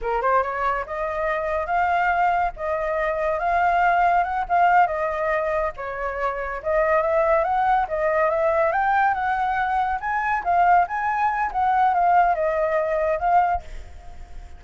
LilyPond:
\new Staff \with { instrumentName = "flute" } { \time 4/4 \tempo 4 = 141 ais'8 c''8 cis''4 dis''2 | f''2 dis''2 | f''2 fis''8 f''4 dis''8~ | dis''4. cis''2 dis''8~ |
dis''8 e''4 fis''4 dis''4 e''8~ | e''8 g''4 fis''2 gis''8~ | gis''8 f''4 gis''4. fis''4 | f''4 dis''2 f''4 | }